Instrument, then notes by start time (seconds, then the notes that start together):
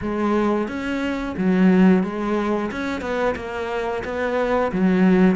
cello
0.01 G#3
0.67 C#4
1.37 F#3
2.03 G#3
2.71 C#4
3.01 B3
3.35 A#3
4.04 B3
4.72 F#3